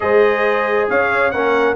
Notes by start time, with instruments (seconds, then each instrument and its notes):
0.00 tuba G#3, trombone G#4, horn C5, trumpet D#5
0.89 tuba C#4, horn C#5, trumpet F5
1.31 tuba A#3, trombone C#4, horn A#4, trumpet F#5